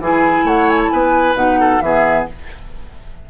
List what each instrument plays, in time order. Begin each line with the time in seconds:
0.00 bassoon E3, clarinet E4, oboe G#4, flute G#5
0.44 bassoon A3, oboe C#5, flute F#5
0.70 flute G#5
0.84 flute A5
0.90 bassoon B3, oboe B4, flute G#5
1.35 bassoon B2, clarinet D#4, flute F#5
1.60 oboe A4
1.81 bassoon E3, clarinet B3, oboe G#4, flute E5